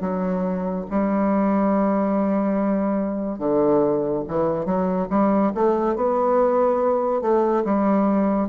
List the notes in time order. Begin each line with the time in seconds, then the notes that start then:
0.00 F#3
0.90 G3
3.38 D3
4.27 E3
4.65 F#3
5.09 G3
5.54 A3
5.95 B3
7.21 A3
7.64 G3